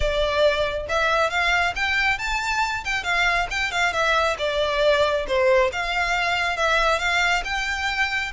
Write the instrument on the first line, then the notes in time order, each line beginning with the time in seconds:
violin
0.00 D5
0.89 E5
1.30 F5
1.75 G5
2.18 A5
2.84 G5
3.03 F5
3.50 G5
3.71 F5
3.92 E5
4.38 D5
5.27 C5
5.72 F5
6.56 E5
6.99 F5
7.44 G5